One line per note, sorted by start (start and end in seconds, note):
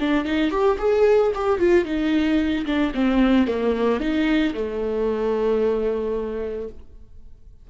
0.00 0.25 D4
0.25 0.51 D#4
0.51 0.78 G4
0.79 1.32 G#4
1.35 1.59 G4
1.59 1.85 F4
1.85 2.66 D#4
2.66 2.92 D4
2.95 3.47 C4
3.47 4.00 A#3
4.00 4.54 D#4
4.54 6.69 A3